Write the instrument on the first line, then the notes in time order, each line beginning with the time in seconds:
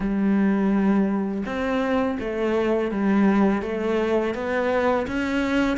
cello
0.00 G3
1.45 C4
2.19 A3
2.91 G3
3.62 A3
4.34 B3
5.07 C#4